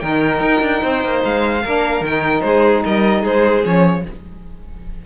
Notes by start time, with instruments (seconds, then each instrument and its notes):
0.00 cello D#3, saxophone D#4, violin A#4 G5
0.41 cello D#4
0.62 cello D4
0.83 cello C4, violin C5
1.04 cello A#3
1.25 cello G#3, violin F5
1.63 cello A#3, saxophone D4, violin A#4
2.01 cello D#3, saxophone D#4, violin G5
2.41 cello G#3, violin G#4 C5
2.85 cello G3, violin A#4 D#5
3.22 cello G#3, violin G#4 C5
3.63 cello F3, saxophone C#4, violin C#5